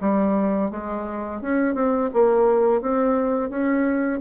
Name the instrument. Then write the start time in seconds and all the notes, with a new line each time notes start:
bassoon
0.00 G3
0.71 G#3
1.41 C#4
1.75 C4
2.13 A#3
2.81 C4
3.49 C#4